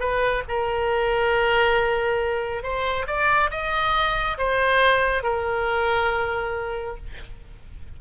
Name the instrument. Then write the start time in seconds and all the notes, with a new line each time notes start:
oboe
0.00 B4
0.49 A#4
2.63 C5
3.07 D5
3.51 D#5
4.38 C5
5.23 A#4